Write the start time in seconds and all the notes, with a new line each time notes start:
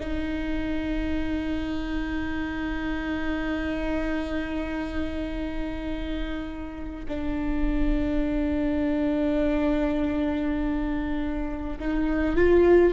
0.00 D#4
7.09 D4
11.80 D#4
12.36 F4